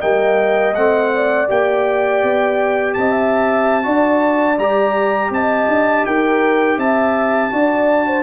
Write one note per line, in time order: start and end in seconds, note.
0.00 0.76 G3
0.00 0.73 A#3
0.00 1.11 D#5
0.00 0.75 G5
0.75 1.49 A3
0.75 1.48 C4
0.75 1.48 F#5
1.15 2.98 D5
1.48 2.23 A#3
1.48 3.83 G4
1.48 2.94 G5
2.23 2.96 B3
2.94 3.86 C4
2.94 3.12 D#5
2.94 4.59 A5
3.12 3.85 E5
3.83 4.58 D4
3.83 4.56 F#4
3.83 5.32 D5
4.58 5.31 G3
4.58 7.51 G4
4.58 5.32 A#5
5.31 5.67 C4
5.31 6.07 D#5
5.31 6.06 A5
5.68 6.05 D4
6.06 6.78 D#4
6.06 6.78 A#4
6.06 6.79 G5
6.78 7.51 C4
6.78 7.52 E5
6.78 8.23 A5
7.51 8.23 D4
7.51 8.23 F#4
7.51 8.07 D5
8.07 8.23 C5